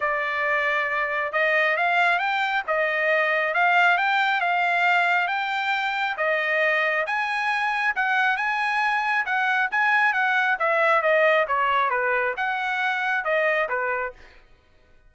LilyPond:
\new Staff \with { instrumentName = "trumpet" } { \time 4/4 \tempo 4 = 136 d''2. dis''4 | f''4 g''4 dis''2 | f''4 g''4 f''2 | g''2 dis''2 |
gis''2 fis''4 gis''4~ | gis''4 fis''4 gis''4 fis''4 | e''4 dis''4 cis''4 b'4 | fis''2 dis''4 b'4 | }